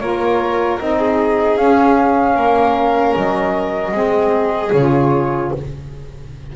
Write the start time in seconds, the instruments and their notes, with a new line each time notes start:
0.00 double bass A#3, saxophone F4, violin A#4, flute C#5
0.79 double bass C4, saxophone D#4, flute D#5
0.98 violin G#4
1.57 double bass C#4, saxophone C#4, flute F5
2.36 double bass A#3, violin A#4
3.17 double bass F#3, flute D#5
3.91 double bass G#3, saxophone C4, violin G#4
4.73 double bass C#3, saxophone F4, flute C#5